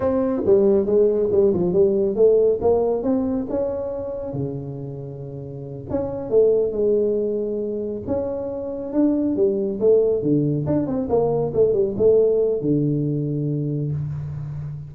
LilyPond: \new Staff \with { instrumentName = "tuba" } { \time 4/4 \tempo 4 = 138 c'4 g4 gis4 g8 f8 | g4 a4 ais4 c'4 | cis'2 cis2~ | cis4. cis'4 a4 gis8~ |
gis2~ gis8 cis'4.~ | cis'8 d'4 g4 a4 d8~ | d8 d'8 c'8 ais4 a8 g8 a8~ | a4 d2. | }